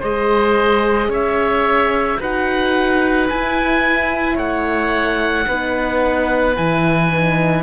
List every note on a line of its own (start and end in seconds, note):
0.00 1.08 G#3
0.00 2.22 G#4
0.00 1.09 C5
0.00 1.12 D#5
1.08 2.17 C#4
1.08 2.19 C#5
1.08 2.22 E5
2.19 3.29 D#4
2.19 3.30 F#4
2.19 4.35 B4
2.19 3.30 F#5
3.30 5.48 E4
3.30 4.37 E4
3.30 4.38 G#5
4.35 5.46 A3
4.35 5.44 C#5
4.35 6.56 F#5
5.47 6.57 B3
5.47 6.55 D#4
5.47 7.63 B4
6.55 7.63 E3
6.55 7.10 E4
6.55 7.63 G#5
7.11 7.63 D#4